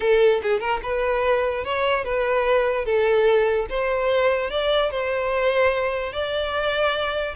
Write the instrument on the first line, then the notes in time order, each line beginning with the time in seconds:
violin
0.00 A4
0.42 G#4
0.60 A#4
0.82 B4
1.64 C#5
2.04 B4
2.85 A4
3.69 C5
4.50 D5
4.90 C5
6.12 D5